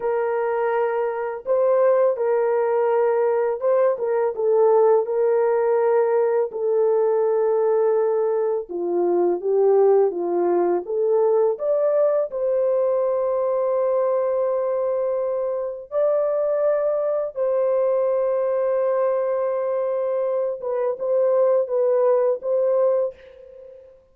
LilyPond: \new Staff \with { instrumentName = "horn" } { \time 4/4 \tempo 4 = 83 ais'2 c''4 ais'4~ | ais'4 c''8 ais'8 a'4 ais'4~ | ais'4 a'2. | f'4 g'4 f'4 a'4 |
d''4 c''2.~ | c''2 d''2 | c''1~ | c''8 b'8 c''4 b'4 c''4 | }